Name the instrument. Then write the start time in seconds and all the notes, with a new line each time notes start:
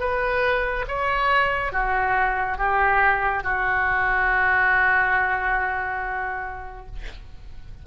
oboe
0.00 B4
0.88 C#5
1.72 F#4
2.58 G4
3.44 F#4